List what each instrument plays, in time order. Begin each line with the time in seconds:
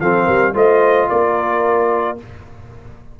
0.00 tuba F3, trombone C4, horn A4, trumpet F5
0.24 tuba G3, horn A#4
0.54 tuba A3, trombone F4, horn C5, trumpet D#5
1.09 tuba A#3, horn A#4, trumpet D5